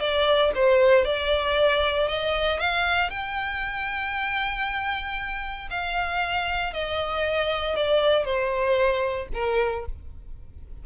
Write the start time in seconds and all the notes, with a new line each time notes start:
0.00 D5
0.55 C5
1.05 D5
2.08 D#5
2.60 F5
3.10 G5
5.70 F5
6.73 D#5
7.76 D5
8.25 C5
9.34 A#4